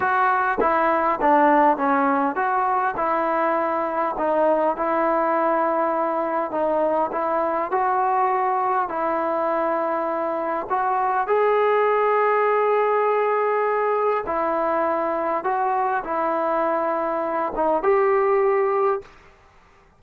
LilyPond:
\new Staff \with { instrumentName = "trombone" } { \time 4/4 \tempo 4 = 101 fis'4 e'4 d'4 cis'4 | fis'4 e'2 dis'4 | e'2. dis'4 | e'4 fis'2 e'4~ |
e'2 fis'4 gis'4~ | gis'1 | e'2 fis'4 e'4~ | e'4. dis'8 g'2 | }